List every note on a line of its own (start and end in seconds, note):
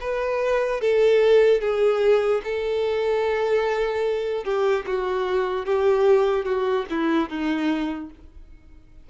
0.00 0.81 B4
0.81 1.61 A4
1.61 2.42 G#4
2.44 4.44 A4
4.44 4.85 G4
4.86 5.65 F#4
5.65 6.45 G4
6.45 6.86 F#4
6.90 7.29 E4
7.29 8.10 D#4